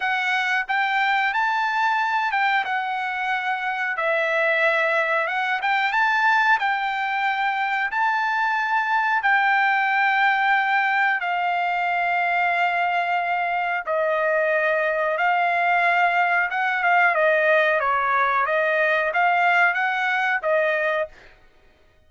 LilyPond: \new Staff \with { instrumentName = "trumpet" } { \time 4/4 \tempo 4 = 91 fis''4 g''4 a''4. g''8 | fis''2 e''2 | fis''8 g''8 a''4 g''2 | a''2 g''2~ |
g''4 f''2.~ | f''4 dis''2 f''4~ | f''4 fis''8 f''8 dis''4 cis''4 | dis''4 f''4 fis''4 dis''4 | }